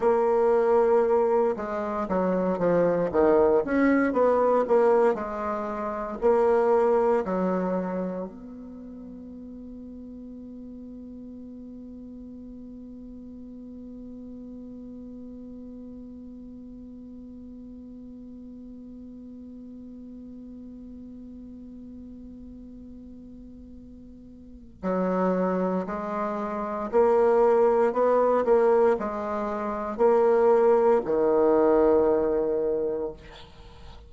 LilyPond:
\new Staff \with { instrumentName = "bassoon" } { \time 4/4 \tempo 4 = 58 ais4. gis8 fis8 f8 dis8 cis'8 | b8 ais8 gis4 ais4 fis4 | b1~ | b1~ |
b1~ | b1 | fis4 gis4 ais4 b8 ais8 | gis4 ais4 dis2 | }